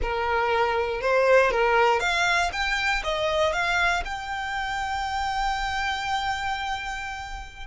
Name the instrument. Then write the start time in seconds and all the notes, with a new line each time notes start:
violin
0.02 A#4
1.01 C5
1.51 A#4
2.00 F5
2.52 G5
3.03 D#5
3.52 F5
4.04 G5